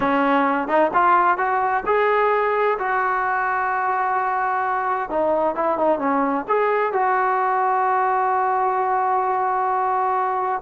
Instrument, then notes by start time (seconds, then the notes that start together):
trombone
0.00 C#4
0.68 D#4
0.93 F4
1.37 F#4
1.85 G#4
2.78 F#4
5.09 D#4
5.55 E4
5.78 D#4
5.99 C#4
6.47 G#4
6.93 F#4